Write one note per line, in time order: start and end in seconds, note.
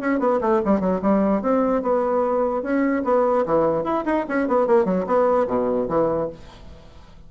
0.00 0.19 C#4
0.19 0.40 B3
0.41 0.61 A3
0.65 0.80 G3
0.80 1.00 F#3
1.02 1.42 G3
1.42 1.82 C4
1.82 2.63 B3
2.63 3.03 C#4
3.04 3.45 B3
3.46 3.84 E3
3.84 4.04 E4
4.05 4.25 D#4
4.29 4.47 C#4
4.47 4.67 B3
4.67 4.85 A#3
4.85 5.05 F#3
5.06 5.47 B3
5.47 5.88 B2
5.89 6.29 E3